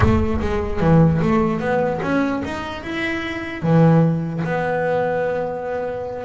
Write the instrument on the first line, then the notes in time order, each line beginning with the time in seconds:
double bass
0.00 A3
0.40 G#3
0.80 E3
1.22 A3
1.60 B3
2.02 C#4
2.44 D#4
2.83 E4
3.62 E3
4.44 B3